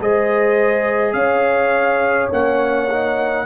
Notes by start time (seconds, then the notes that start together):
0.00 G#3 G#4 C5 D#5
1.12 C#4 C#5 F5
2.31 A#3 C#4 F#5
2.90 D#4